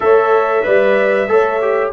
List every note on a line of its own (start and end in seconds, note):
0.00 0.65 A3
0.00 0.63 A4
0.00 0.66 C#5
0.00 1.90 E5
0.63 1.28 G3
0.63 1.27 B4
0.63 1.29 D5
1.28 1.92 A3
1.28 1.60 A4
1.28 1.92 C#5
1.61 1.92 G4